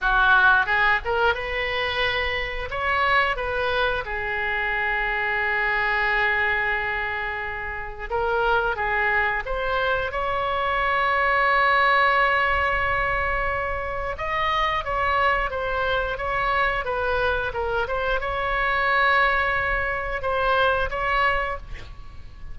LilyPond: \new Staff \with { instrumentName = "oboe" } { \time 4/4 \tempo 4 = 89 fis'4 gis'8 ais'8 b'2 | cis''4 b'4 gis'2~ | gis'1 | ais'4 gis'4 c''4 cis''4~ |
cis''1~ | cis''4 dis''4 cis''4 c''4 | cis''4 b'4 ais'8 c''8 cis''4~ | cis''2 c''4 cis''4 | }